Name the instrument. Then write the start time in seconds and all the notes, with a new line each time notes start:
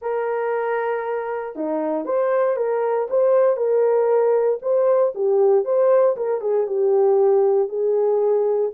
horn
0.01 A#4
1.55 D#4
2.05 C5
2.56 A#4
3.10 C5
3.56 A#4
4.62 C5
5.14 G4
5.64 C5
6.16 A#4
6.41 G#4
6.67 G4
7.68 G#4